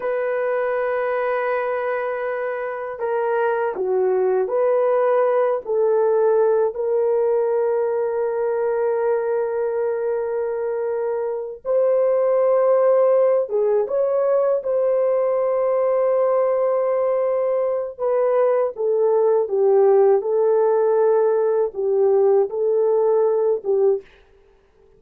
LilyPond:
\new Staff \with { instrumentName = "horn" } { \time 4/4 \tempo 4 = 80 b'1 | ais'4 fis'4 b'4. a'8~ | a'4 ais'2.~ | ais'2.~ ais'8 c''8~ |
c''2 gis'8 cis''4 c''8~ | c''1 | b'4 a'4 g'4 a'4~ | a'4 g'4 a'4. g'8 | }